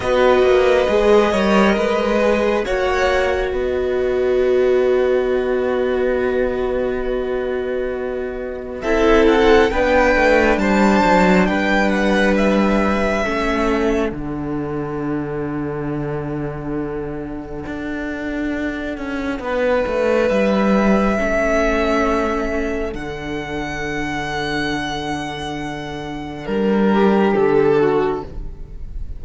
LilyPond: <<
  \new Staff \with { instrumentName = "violin" } { \time 4/4 \tempo 4 = 68 dis''2. fis''4 | dis''1~ | dis''2 e''8 fis''8 g''4 | a''4 g''8 fis''8 e''2 |
fis''1~ | fis''2. e''4~ | e''2 fis''2~ | fis''2 ais'4 a'4 | }
  \new Staff \with { instrumentName = "violin" } { \time 4/4 b'4. cis''8 b'4 cis''4 | b'1~ | b'2 a'4 b'4 | c''4 b'2 a'4~ |
a'1~ | a'2 b'2 | a'1~ | a'2~ a'8 g'4 fis'8 | }
  \new Staff \with { instrumentName = "viola" } { \time 4/4 fis'4 gis'8 ais'4 gis'8 fis'4~ | fis'1~ | fis'2 e'4 d'4~ | d'2. cis'4 |
d'1~ | d'1 | cis'2 d'2~ | d'1 | }
  \new Staff \with { instrumentName = "cello" } { \time 4/4 b8 ais8 gis8 g8 gis4 ais4 | b1~ | b2 c'4 b8 a8 | g8 fis8 g2 a4 |
d1 | d'4. cis'8 b8 a8 g4 | a2 d2~ | d2 g4 d4 | }
>>